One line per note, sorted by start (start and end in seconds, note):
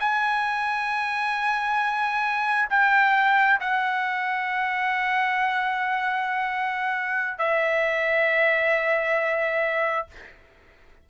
0.00 2.69 G#5
2.70 3.60 G5
3.60 7.39 F#5
7.39 10.07 E5